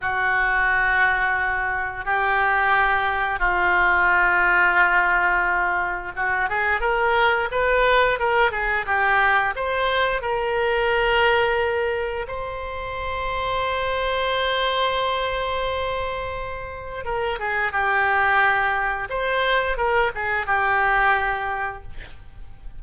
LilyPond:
\new Staff \with { instrumentName = "oboe" } { \time 4/4 \tempo 4 = 88 fis'2. g'4~ | g'4 f'2.~ | f'4 fis'8 gis'8 ais'4 b'4 | ais'8 gis'8 g'4 c''4 ais'4~ |
ais'2 c''2~ | c''1~ | c''4 ais'8 gis'8 g'2 | c''4 ais'8 gis'8 g'2 | }